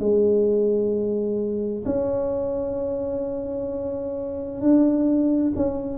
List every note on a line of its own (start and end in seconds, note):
0.00 1.85 G#3
1.86 4.61 C#4
4.61 5.53 D4
5.56 5.98 C#4